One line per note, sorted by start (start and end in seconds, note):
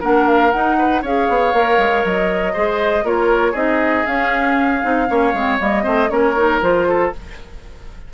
0.00 0.53 A#3
0.00 0.52 D4
0.00 0.76 A#4
0.00 0.27 F#5
0.27 0.51 F5
0.51 1.03 D#4
0.51 1.05 D#4
0.51 1.02 F#5
0.78 1.02 B4
1.02 1.28 C#4
1.02 1.54 G#4
1.02 2.53 C#5
1.02 2.06 F5
1.28 1.53 B3
1.53 1.78 A#3
1.53 2.55 A#4
1.78 2.03 G#3
2.04 2.55 F#3
2.04 3.06 D#5
2.53 3.03 G#3
2.53 3.04 G#4
2.53 3.04 C5
3.03 3.54 A#3
3.03 3.54 F4
3.03 3.52 A#4
3.03 3.55 C#5
3.52 4.05 C4
3.52 4.05 D#4
3.52 5.04 G#4
3.52 4.06 D#5
4.06 4.82 C#4
4.06 4.84 C#4
4.06 5.59 F5
4.82 5.09 C4
4.82 5.07 D#4
5.08 5.33 A#3
5.08 5.34 C#4
5.08 5.83 C#5
5.33 5.59 G#3
5.33 5.59 C4
5.59 5.85 G3
5.59 5.83 A#3
5.59 6.10 D#5
5.83 6.10 A3
5.83 6.08 C4
5.83 6.09 C5
6.08 6.61 A#3
6.08 6.34 C#4
6.08 6.88 A#4
6.08 6.60 C#5
6.36 6.61 D#4
6.61 7.13 F3
6.61 7.12 F4
6.61 7.13 C5
6.88 7.13 A4